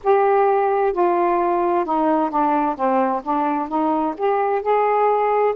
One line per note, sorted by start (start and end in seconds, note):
0.03 0.92 G4
0.92 1.85 F4
1.85 2.30 D#4
2.30 2.75 D4
2.75 3.21 C4
3.23 3.68 D4
3.68 4.14 D#4
4.17 4.62 G4
4.62 5.54 G#4